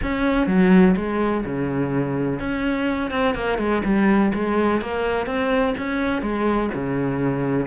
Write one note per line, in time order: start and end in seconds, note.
0.02 0.47 C#4
0.47 0.95 F#3
0.96 1.44 G#3
1.45 2.39 C#3
2.39 3.10 C#4
3.10 3.34 C4
3.34 3.58 A#3
3.58 3.82 G#3
3.84 4.32 G3
4.34 4.81 G#3
4.81 5.26 A#3
5.26 5.74 C4
5.77 6.22 C#4
6.22 6.70 G#3
6.73 7.67 C#3